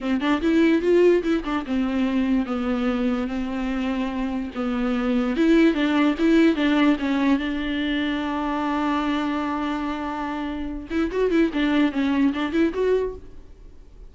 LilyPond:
\new Staff \with { instrumentName = "viola" } { \time 4/4 \tempo 4 = 146 c'8 d'8 e'4 f'4 e'8 d'8 | c'2 b2 | c'2. b4~ | b4 e'4 d'4 e'4 |
d'4 cis'4 d'2~ | d'1~ | d'2~ d'8 e'8 fis'8 e'8 | d'4 cis'4 d'8 e'8 fis'4 | }